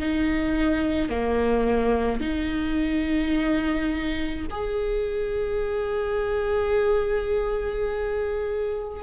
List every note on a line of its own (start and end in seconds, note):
0.00 1.10 D#4
1.10 2.21 A#3
2.21 4.47 D#4
4.51 9.03 G#4